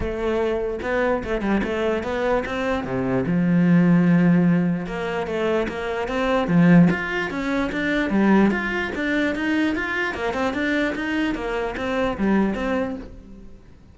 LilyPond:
\new Staff \with { instrumentName = "cello" } { \time 4/4 \tempo 4 = 148 a2 b4 a8 g8 | a4 b4 c'4 c4 | f1 | ais4 a4 ais4 c'4 |
f4 f'4 cis'4 d'4 | g4 f'4 d'4 dis'4 | f'4 ais8 c'8 d'4 dis'4 | ais4 c'4 g4 c'4 | }